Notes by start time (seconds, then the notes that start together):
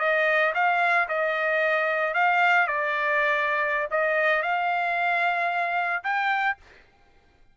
0.00 D#5
0.55 F5
1.09 D#5
2.15 F5
2.68 D5
3.91 D#5
4.43 F5
6.04 G5